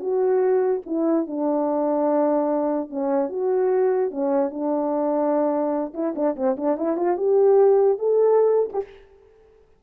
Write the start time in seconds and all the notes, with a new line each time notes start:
0.00 F#4
0.86 E4
1.27 D4
2.90 C#4
3.29 F#4
4.11 C#4
4.50 D4
5.94 E4
6.15 D4
6.36 C4
6.57 D4
6.77 E4
6.97 F4
7.17 G4
7.99 A4
8.73 G4